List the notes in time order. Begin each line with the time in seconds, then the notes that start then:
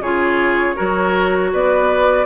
0.00 C#3 F4 G#4 C#5
0.75 F#3 F#4 A#4
1.53 B3 B4 D5